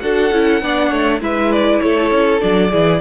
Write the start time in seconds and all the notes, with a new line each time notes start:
0.00 D4 F#4 A4 F#5
0.32 C#4 E4
0.62 B3 D4 D5
0.89 A3 C#5
1.21 G#3 E4 B4 E5
1.53 D5
1.81 A3 A4 C#5
2.11 C#4
2.40 F#3 D4 D5
2.71 E3 E4 G#4